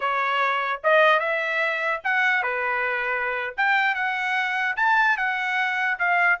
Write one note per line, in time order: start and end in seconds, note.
0.00 0.80 C#5
0.83 1.19 D#5
1.19 2.00 E5
2.04 2.43 F#5
2.43 3.54 B4
3.57 3.95 G5
3.95 4.76 F#5
4.76 5.17 A5
5.17 5.98 F#5
5.98 6.39 F5